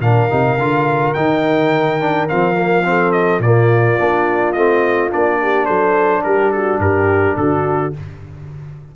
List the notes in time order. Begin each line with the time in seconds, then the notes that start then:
0.00 A#2 D4 A#4 F5
0.30 C3 D#4
0.58 D3 F4
1.13 D#3 D#4 G5
2.00 D4
2.28 F3 C4 F5
2.54 A#3
2.84 C4 A4
3.12 D#5
3.39 A#2 F4 D5
3.45 A#3
3.98 A#3 D4
4.52 A3 C4 D#5
5.10 A#3 D4 D5
5.41 G4
5.65 F#3 A4 C5
6.23 G3 G4 A#4
6.51 F#4 A4
6.79 G2 G4 A#4
7.36 D3 F#4 A4